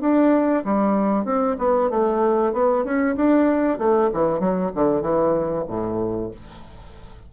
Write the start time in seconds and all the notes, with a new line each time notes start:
0.00 D4
0.64 G3
1.24 C4
1.58 B3
1.89 A3
2.52 B3
2.84 C#4
3.16 D4
3.78 A3
4.13 E3
4.39 F#3
4.74 D3
5.01 E3
5.67 A2